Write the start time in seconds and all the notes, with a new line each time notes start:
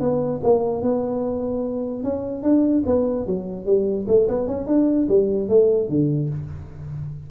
0.00 B3
0.43 A#3
0.82 B3
2.03 C#4
2.43 D4
2.86 B3
3.27 F#3
3.65 G3
4.07 A3
4.28 B3
4.47 C#4
4.67 D4
5.08 G3
5.49 A3
5.89 D3